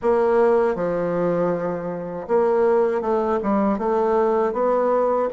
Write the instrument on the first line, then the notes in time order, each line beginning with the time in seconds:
bassoon
0.02 A#3
0.75 F3
2.27 A#3
3.01 A3
3.42 G3
3.78 A3
4.52 B3